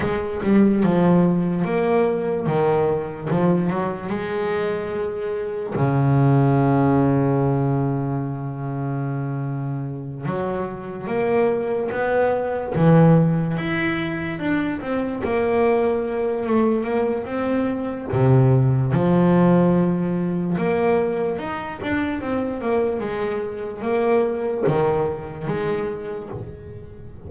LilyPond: \new Staff \with { instrumentName = "double bass" } { \time 4/4 \tempo 4 = 73 gis8 g8 f4 ais4 dis4 | f8 fis8 gis2 cis4~ | cis1~ | cis8 fis4 ais4 b4 e8~ |
e8 e'4 d'8 c'8 ais4. | a8 ais8 c'4 c4 f4~ | f4 ais4 dis'8 d'8 c'8 ais8 | gis4 ais4 dis4 gis4 | }